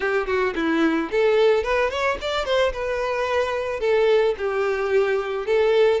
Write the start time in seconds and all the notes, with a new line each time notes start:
0.00 G4
0.26 F#4
0.55 E4
1.11 A4
1.63 B4
1.90 C#5
2.21 D5
2.45 C5
2.72 B4
3.80 A4
4.37 G4
5.46 A4